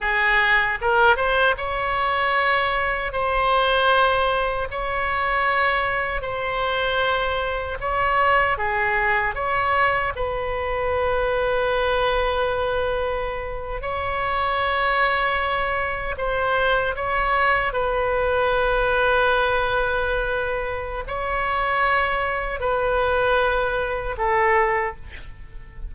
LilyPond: \new Staff \with { instrumentName = "oboe" } { \time 4/4 \tempo 4 = 77 gis'4 ais'8 c''8 cis''2 | c''2 cis''2 | c''2 cis''4 gis'4 | cis''4 b'2.~ |
b'4.~ b'16 cis''2~ cis''16~ | cis''8. c''4 cis''4 b'4~ b'16~ | b'2. cis''4~ | cis''4 b'2 a'4 | }